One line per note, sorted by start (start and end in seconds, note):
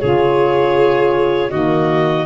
0.00 1.52 C#3
0.00 1.50 F4
0.00 1.51 G#4
0.00 1.51 C#5
1.50 2.27 D#3
1.50 2.26 A#3
1.50 2.27 F#4
1.50 2.27 D#5